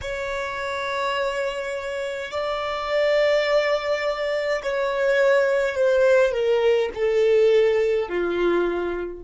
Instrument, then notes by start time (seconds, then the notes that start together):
violin
0.01 C#5
2.31 D5
4.62 C#5
5.75 C5
6.31 A#4
6.94 A4
8.08 F4